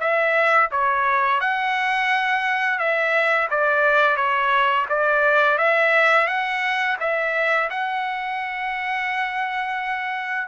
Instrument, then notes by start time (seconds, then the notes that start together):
trumpet
0.00 E5
0.71 C#5
1.41 F#5
2.79 E5
3.51 D5
4.16 C#5
4.89 D5
5.58 E5
6.27 F#5
7.00 E5
7.70 F#5